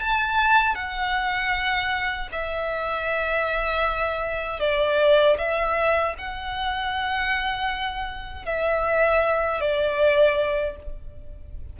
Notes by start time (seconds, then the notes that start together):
0.00 A5
0.75 F#5
2.32 E5
4.60 D5
5.38 E5
6.18 F#5
8.45 E5
9.61 D5